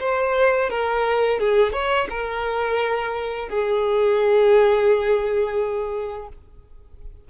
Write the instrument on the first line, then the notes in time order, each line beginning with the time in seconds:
violin
0.00 C5
0.70 A#4
1.40 G#4
1.73 C#5
2.10 A#4
3.49 G#4